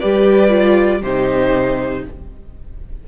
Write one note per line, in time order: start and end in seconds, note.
0.00 1.03 G3
0.00 0.50 G4
0.00 1.00 B4
0.00 1.02 D5
0.50 1.00 F4
1.00 2.04 C3
1.00 2.02 G4
1.00 2.05 C5
1.07 2.08 D#4